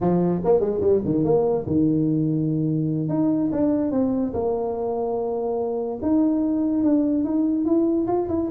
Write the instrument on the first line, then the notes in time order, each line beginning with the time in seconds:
tuba
0.00 F3
0.44 A#3
0.59 G#3
0.81 G3
1.05 D#3
1.24 A#3
1.66 D#3
3.08 D#4
3.52 D4
3.91 C4
4.33 A#3
6.02 D#4
6.83 D4
7.24 D#4
7.65 E4
8.07 F4
8.28 E4